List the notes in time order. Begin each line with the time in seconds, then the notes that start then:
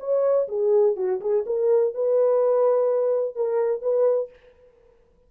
0.00 C#5
0.48 G#4
0.97 F#4
1.21 G#4
1.46 A#4
1.94 B4
3.36 A#4
3.82 B4